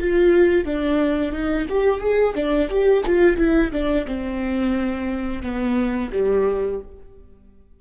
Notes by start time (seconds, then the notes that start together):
0.00 F4
0.66 D4
1.32 D#4
1.69 G4
2.00 G#4
2.36 D4
2.70 G4
3.07 F4
3.38 E4
3.72 D4
4.07 C4
5.43 B3
6.13 G3